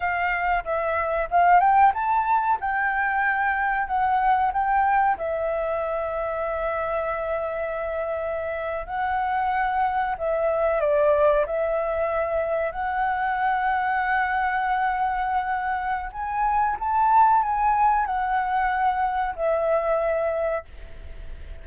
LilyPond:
\new Staff \with { instrumentName = "flute" } { \time 4/4 \tempo 4 = 93 f''4 e''4 f''8 g''8 a''4 | g''2 fis''4 g''4 | e''1~ | e''4.~ e''16 fis''2 e''16~ |
e''8. d''4 e''2 fis''16~ | fis''1~ | fis''4 gis''4 a''4 gis''4 | fis''2 e''2 | }